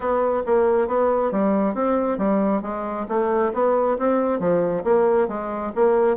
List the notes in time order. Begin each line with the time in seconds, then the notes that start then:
0.00 B3
0.46 A#3
0.87 B3
1.31 G3
1.74 C4
2.18 G3
2.62 G#3
3.08 A3
3.53 B3
3.98 C4
4.39 F3
4.83 A#3
5.28 G#3
5.75 A#3